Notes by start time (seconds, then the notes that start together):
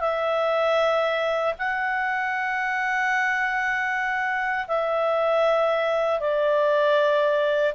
0.00 E5
1.58 F#5
4.67 E5
6.20 D5